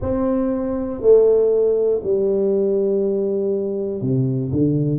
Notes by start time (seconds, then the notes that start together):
0.01 C4
1.01 A3
2.03 G3
4.00 C3
4.52 D3